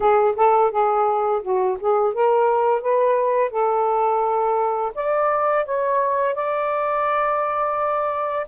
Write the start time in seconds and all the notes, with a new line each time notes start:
0.00 G#4
0.36 A4
0.71 G#4
1.42 F#4
1.79 G#4
2.13 A#4
2.81 B4
3.51 A4
4.94 D5
5.65 C#5
6.35 D5